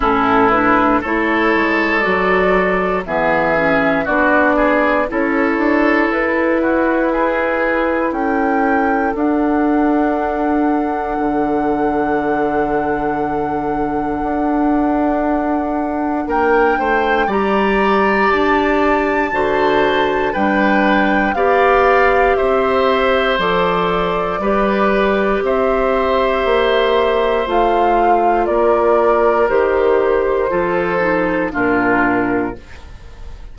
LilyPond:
<<
  \new Staff \with { instrumentName = "flute" } { \time 4/4 \tempo 4 = 59 a'8 b'8 cis''4 d''4 e''4 | d''4 cis''4 b'2 | g''4 fis''2.~ | fis''1 |
g''4 ais''4 a''2 | g''4 f''4 e''4 d''4~ | d''4 e''2 f''4 | d''4 c''2 ais'4 | }
  \new Staff \with { instrumentName = "oboe" } { \time 4/4 e'4 a'2 gis'4 | fis'8 gis'8 a'4. fis'8 gis'4 | a'1~ | a'1 |
ais'8 c''8 d''2 c''4 | b'4 d''4 c''2 | b'4 c''2. | ais'2 a'4 f'4 | }
  \new Staff \with { instrumentName = "clarinet" } { \time 4/4 cis'8 d'8 e'4 fis'4 b8 cis'8 | d'4 e'2.~ | e'4 d'2.~ | d'1~ |
d'4 g'2 fis'4 | d'4 g'2 a'4 | g'2. f'4~ | f'4 g'4 f'8 dis'8 d'4 | }
  \new Staff \with { instrumentName = "bassoon" } { \time 4/4 a,4 a8 gis8 fis4 e4 | b4 cis'8 d'8 e'2 | cis'4 d'2 d4~ | d2 d'2 |
ais8 a8 g4 d'4 d4 | g4 b4 c'4 f4 | g4 c'4 ais4 a4 | ais4 dis4 f4 ais,4 | }
>>